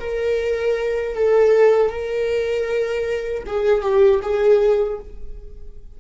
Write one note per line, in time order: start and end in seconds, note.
0.00 1.15 A#4
1.15 1.90 A4
1.90 3.44 A#4
3.46 3.82 G#4
3.82 4.20 G4
4.22 4.99 G#4